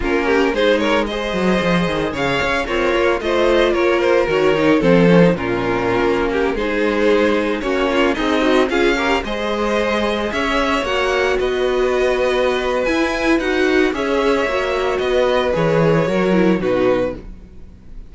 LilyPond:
<<
  \new Staff \with { instrumentName = "violin" } { \time 4/4 \tempo 4 = 112 ais'4 c''8 cis''8 dis''2 | f''4 cis''4 dis''4 cis''8 c''8 | cis''4 c''4 ais'2~ | ais'16 c''2 cis''4 dis''8.~ |
dis''16 f''4 dis''2 e''8.~ | e''16 fis''4 dis''2~ dis''8. | gis''4 fis''4 e''2 | dis''4 cis''2 b'4 | }
  \new Staff \with { instrumentName = "violin" } { \time 4/4 f'8 g'8 gis'8 ais'8 c''2 | cis''4 f'4 c''4 ais'4~ | ais'4 a'4 f'4.~ f'16 g'16~ | g'16 gis'2 fis'8 f'8 dis'8.~ |
dis'16 gis'8 ais'8 c''2 cis''8.~ | cis''4~ cis''16 b'2~ b'8.~ | b'2 cis''2 | b'2 ais'4 fis'4 | }
  \new Staff \with { instrumentName = "viola" } { \time 4/4 cis'4 dis'4 gis'2~ | gis'4 ais'4 f'2 | fis'8 dis'8 c'8 cis'16 dis'16 cis'2~ | cis'16 dis'2 cis'4 gis'8 fis'16~ |
fis'16 f'8 g'8 gis'2~ gis'8.~ | gis'16 fis'2.~ fis'8. | e'4 fis'4 gis'4 fis'4~ | fis'4 gis'4 fis'8 e'8 dis'4 | }
  \new Staff \with { instrumentName = "cello" } { \time 4/4 ais4 gis4. fis8 f8 dis8 | cis8 cis'8 c'8 ais8 a4 ais4 | dis4 f4 ais,4~ ais,16 ais8.~ | ais16 gis2 ais4 c'8.~ |
c'16 cis'4 gis2 cis'8.~ | cis'16 ais4 b2~ b8. | e'4 dis'4 cis'4 ais4 | b4 e4 fis4 b,4 | }
>>